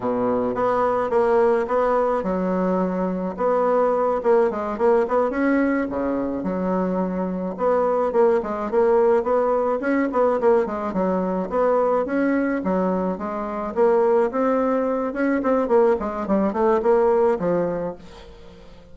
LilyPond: \new Staff \with { instrumentName = "bassoon" } { \time 4/4 \tempo 4 = 107 b,4 b4 ais4 b4 | fis2 b4. ais8 | gis8 ais8 b8 cis'4 cis4 fis8~ | fis4. b4 ais8 gis8 ais8~ |
ais8 b4 cis'8 b8 ais8 gis8 fis8~ | fis8 b4 cis'4 fis4 gis8~ | gis8 ais4 c'4. cis'8 c'8 | ais8 gis8 g8 a8 ais4 f4 | }